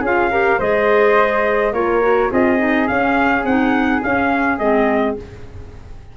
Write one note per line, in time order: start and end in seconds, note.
0.00 0.58 C#4
0.00 0.31 F4
0.00 0.29 G#4
0.00 0.60 F5
0.31 0.60 G4
0.31 0.58 A#4
0.58 1.72 G#3
0.58 1.74 G#4
0.58 1.72 C5
0.58 1.73 D#5
1.72 2.29 A#3
1.72 2.02 F4
1.72 2.30 A#4
1.72 2.31 C#5
2.02 2.30 F#4
2.30 2.88 C4
2.30 2.58 F4
2.30 5.17 G#4
2.30 2.87 D#5
2.58 2.86 D#4
2.87 3.45 C#4
2.87 3.44 C#4
2.87 3.44 F5
3.44 4.01 C4
3.44 4.02 D#4
3.44 4.02 F#5
4.02 4.59 C#4
4.02 4.59 F5
4.59 5.16 G#3
4.59 5.17 C4
4.59 5.16 D#5